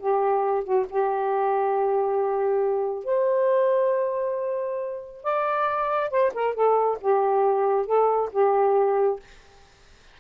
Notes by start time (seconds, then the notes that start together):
0.00 G4
0.64 F#4
0.90 G4
3.05 C5
5.24 D5
6.11 C5
6.35 A#4
6.55 A4
7.01 G4
7.86 A4
8.32 G4